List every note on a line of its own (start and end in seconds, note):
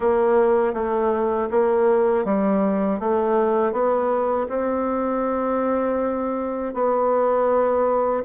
0.00 0.73 A#3
0.73 1.48 A3
1.50 2.24 A#3
2.24 2.99 G3
2.99 3.72 A3
3.72 4.47 B3
4.48 6.73 C4
6.74 8.24 B3